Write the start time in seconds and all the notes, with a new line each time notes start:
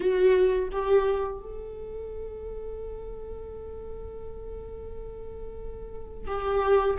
0.00 F#4
0.72 G4
1.38 A4
6.27 G4